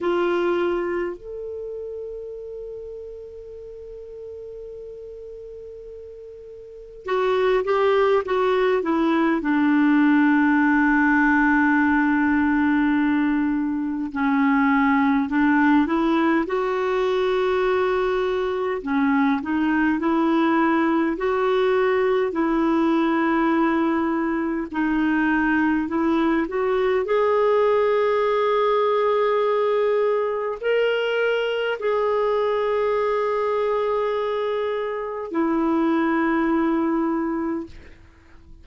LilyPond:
\new Staff \with { instrumentName = "clarinet" } { \time 4/4 \tempo 4 = 51 f'4 a'2.~ | a'2 fis'8 g'8 fis'8 e'8 | d'1 | cis'4 d'8 e'8 fis'2 |
cis'8 dis'8 e'4 fis'4 e'4~ | e'4 dis'4 e'8 fis'8 gis'4~ | gis'2 ais'4 gis'4~ | gis'2 e'2 | }